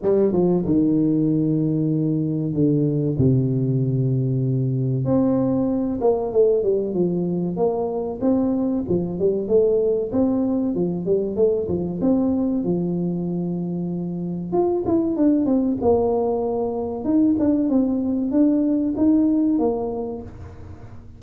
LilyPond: \new Staff \with { instrumentName = "tuba" } { \time 4/4 \tempo 4 = 95 g8 f8 dis2. | d4 c2. | c'4. ais8 a8 g8 f4 | ais4 c'4 f8 g8 a4 |
c'4 f8 g8 a8 f8 c'4 | f2. f'8 e'8 | d'8 c'8 ais2 dis'8 d'8 | c'4 d'4 dis'4 ais4 | }